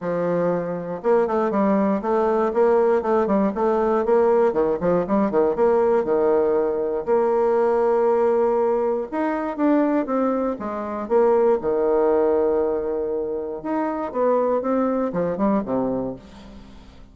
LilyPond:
\new Staff \with { instrumentName = "bassoon" } { \time 4/4 \tempo 4 = 119 f2 ais8 a8 g4 | a4 ais4 a8 g8 a4 | ais4 dis8 f8 g8 dis8 ais4 | dis2 ais2~ |
ais2 dis'4 d'4 | c'4 gis4 ais4 dis4~ | dis2. dis'4 | b4 c'4 f8 g8 c4 | }